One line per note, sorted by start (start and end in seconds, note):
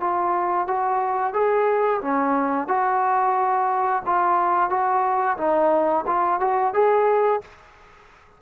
0.00 0.67 F4
0.67 1.33 F#4
1.33 2.00 G#4
2.01 2.68 C#4
2.68 4.02 F#4
4.05 4.69 F4
4.69 5.37 F#4
5.37 6.05 D#4
6.06 6.40 F4
6.40 6.73 F#4
6.74 7.41 G#4